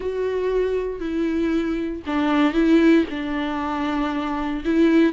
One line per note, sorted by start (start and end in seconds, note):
0.00 1.00 F#4
1.00 2.02 E4
2.06 2.53 D4
2.53 3.04 E4
3.10 4.63 D4
4.64 5.12 E4